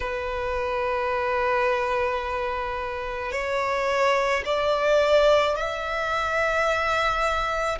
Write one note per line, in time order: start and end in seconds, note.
0.00 3.31 B4
3.31 4.42 C#5
4.44 5.56 D5
5.56 7.78 E5